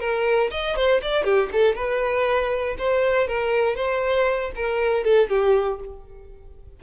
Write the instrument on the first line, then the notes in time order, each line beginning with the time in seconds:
violin
0.00 A#4
0.51 D#5
0.76 C5
1.02 D5
1.24 G4
1.53 A4
1.75 B4
2.79 C5
3.28 A#4
3.76 C5
4.55 A#4
5.04 A4
5.29 G4